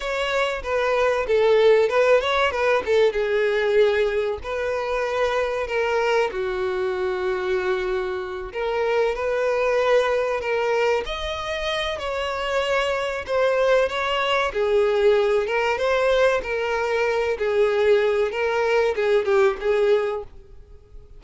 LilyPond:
\new Staff \with { instrumentName = "violin" } { \time 4/4 \tempo 4 = 95 cis''4 b'4 a'4 b'8 cis''8 | b'8 a'8 gis'2 b'4~ | b'4 ais'4 fis'2~ | fis'4. ais'4 b'4.~ |
b'8 ais'4 dis''4. cis''4~ | cis''4 c''4 cis''4 gis'4~ | gis'8 ais'8 c''4 ais'4. gis'8~ | gis'4 ais'4 gis'8 g'8 gis'4 | }